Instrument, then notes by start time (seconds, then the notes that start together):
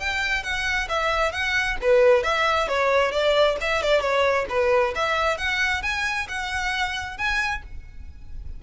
violin
0.00 G5
0.44 F#5
0.89 E5
1.32 F#5
1.82 B4
2.24 E5
2.68 C#5
3.12 D5
3.61 E5
3.83 D5
4.01 C#5
4.50 B4
4.96 E5
5.38 F#5
5.83 G#5
6.29 F#5
7.18 G#5